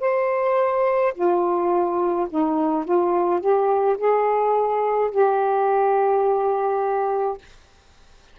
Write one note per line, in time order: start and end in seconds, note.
0.00 1.13 C5
1.14 2.27 F4
2.30 2.85 D#4
2.85 3.40 F4
3.40 3.97 G4
3.97 5.10 G#4
5.11 7.37 G4